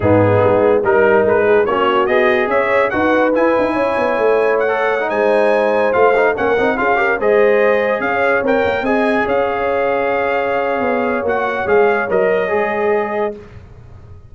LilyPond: <<
  \new Staff \with { instrumentName = "trumpet" } { \time 4/4 \tempo 4 = 144 gis'2 ais'4 b'4 | cis''4 dis''4 e''4 fis''4 | gis''2. fis''4~ | fis''16 gis''2 f''4 fis''8.~ |
fis''16 f''4 dis''2 f''8.~ | f''16 g''4 gis''4 f''4.~ f''16~ | f''2. fis''4 | f''4 dis''2. | }
  \new Staff \with { instrumentName = "horn" } { \time 4/4 dis'2 ais'4. gis'8 | fis'2 cis''4 b'4~ | b'4 cis''2.~ | cis''16 c''2. ais'8.~ |
ais'16 gis'8 ais'8 c''2 cis''8.~ | cis''4~ cis''16 dis''4 cis''4.~ cis''16~ | cis''1~ | cis''1 | }
  \new Staff \with { instrumentName = "trombone" } { \time 4/4 b2 dis'2 | cis'4 gis'2 fis'4 | e'2.~ e'16 a'8. | dis'2~ dis'16 f'8 dis'8 cis'8 dis'16~ |
dis'16 f'8 g'8 gis'2~ gis'8.~ | gis'16 ais'4 gis'2~ gis'8.~ | gis'2. fis'4 | gis'4 ais'4 gis'2 | }
  \new Staff \with { instrumentName = "tuba" } { \time 4/4 gis,4 gis4 g4 gis4 | ais4 b4 cis'4 dis'4 | e'8 dis'8 cis'8 b8 a2~ | a16 gis2 a4 ais8 c'16~ |
c'16 cis'4 gis2 cis'8.~ | cis'16 c'8 ais8 c'4 cis'4.~ cis'16~ | cis'2 b4 ais4 | gis4 fis4 gis2 | }
>>